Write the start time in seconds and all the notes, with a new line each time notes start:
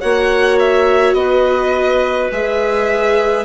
0.00 A#3 F#4 C#5 F#5
0.59 E5
1.13 B3 B4 D#5
2.31 G#3 G#4 E5